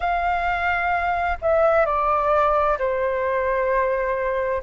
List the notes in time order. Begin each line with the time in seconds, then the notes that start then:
0.00 F5
1.41 E5
1.85 D5
2.78 C5